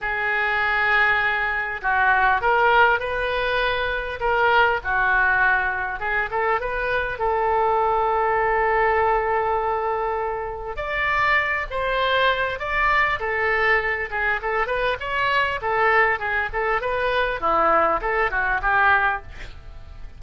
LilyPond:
\new Staff \with { instrumentName = "oboe" } { \time 4/4 \tempo 4 = 100 gis'2. fis'4 | ais'4 b'2 ais'4 | fis'2 gis'8 a'8 b'4 | a'1~ |
a'2 d''4. c''8~ | c''4 d''4 a'4. gis'8 | a'8 b'8 cis''4 a'4 gis'8 a'8 | b'4 e'4 a'8 fis'8 g'4 | }